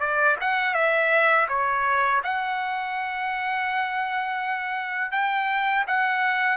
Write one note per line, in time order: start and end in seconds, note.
0.00 0.37 D5
0.41 0.74 F#5
0.74 1.47 E5
1.49 2.22 C#5
2.24 5.12 F#5
5.12 5.85 G5
5.87 6.57 F#5